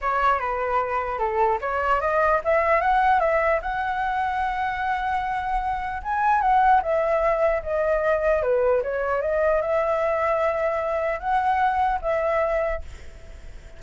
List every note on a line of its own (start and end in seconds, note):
0.01 0.39 C#5
0.39 1.18 B4
1.18 1.58 A4
1.61 2.00 C#5
2.00 2.40 D#5
2.44 2.81 E5
2.81 3.19 F#5
3.19 3.59 E5
3.62 6.02 F#5
6.02 6.41 G#5
6.41 6.81 F#5
6.82 7.62 E5
7.63 8.42 D#5
8.42 8.82 B4
8.82 9.21 C#5
9.21 9.61 D#5
9.61 11.19 E5
11.19 11.99 F#5
12.01 12.81 E5